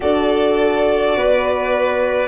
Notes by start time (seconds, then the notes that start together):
0.00 D4 F#4 A4 D5
1.16 B3 B4